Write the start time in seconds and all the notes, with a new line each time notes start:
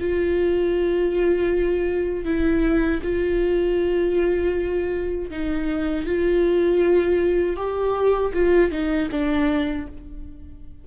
0.00 F4
2.25 E4
3.03 F4
5.31 D#4
6.06 F4
7.57 G4
8.34 F4
8.71 D#4
9.12 D4